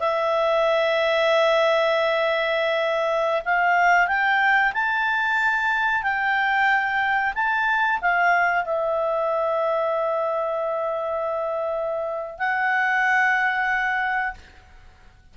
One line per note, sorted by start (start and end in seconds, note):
0.00 3.42 E5
3.45 4.08 F5
4.08 4.73 G5
4.73 6.03 A5
6.03 7.34 G5
7.35 8.00 A5
8.02 8.65 F5
8.65 12.39 E5
12.39 14.34 F#5